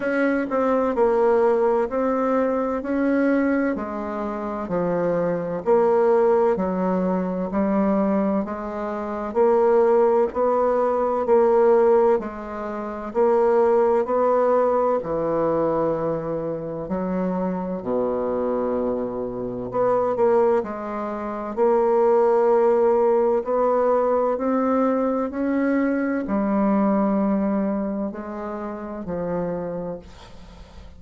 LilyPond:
\new Staff \with { instrumentName = "bassoon" } { \time 4/4 \tempo 4 = 64 cis'8 c'8 ais4 c'4 cis'4 | gis4 f4 ais4 fis4 | g4 gis4 ais4 b4 | ais4 gis4 ais4 b4 |
e2 fis4 b,4~ | b,4 b8 ais8 gis4 ais4~ | ais4 b4 c'4 cis'4 | g2 gis4 f4 | }